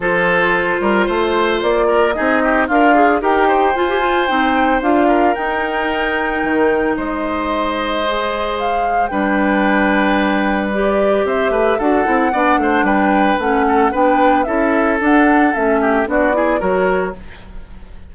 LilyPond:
<<
  \new Staff \with { instrumentName = "flute" } { \time 4/4 \tempo 4 = 112 c''2. d''4 | dis''4 f''4 g''4 gis''4 | g''4 f''4 g''2~ | g''4 dis''2. |
f''4 g''2. | d''4 e''4 fis''2 | g''4 fis''4 g''4 e''4 | fis''4 e''4 d''4 cis''4 | }
  \new Staff \with { instrumentName = "oboe" } { \time 4/4 a'4. ais'8 c''4. ais'8 | gis'8 g'8 f'4 ais'8 c''4.~ | c''4. ais'2~ ais'8~ | ais'4 c''2.~ |
c''4 b'2.~ | b'4 c''8 b'8 a'4 d''8 c''8 | b'4. a'8 b'4 a'4~ | a'4. g'8 fis'8 gis'8 ais'4 | }
  \new Staff \with { instrumentName = "clarinet" } { \time 4/4 f'1 | dis'4 ais'8 gis'8 g'4 f'16 g'16 f'8 | dis'4 f'4 dis'2~ | dis'2. gis'4~ |
gis'4 d'2. | g'2 fis'8 e'8 d'4~ | d'4 cis'4 d'4 e'4 | d'4 cis'4 d'8 e'8 fis'4 | }
  \new Staff \with { instrumentName = "bassoon" } { \time 4/4 f4. g8 a4 ais4 | c'4 d'4 dis'4 f'4 | c'4 d'4 dis'2 | dis4 gis2.~ |
gis4 g2.~ | g4 c'8 a8 d'8 c'8 b8 a8 | g4 a4 b4 cis'4 | d'4 a4 b4 fis4 | }
>>